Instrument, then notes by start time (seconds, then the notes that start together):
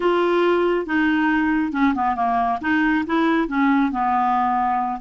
clarinet
0.00 F4
0.86 D#4
1.72 C#4
1.94 B3
2.15 A#3
2.61 D#4
3.06 E4
3.48 C#4
3.91 B3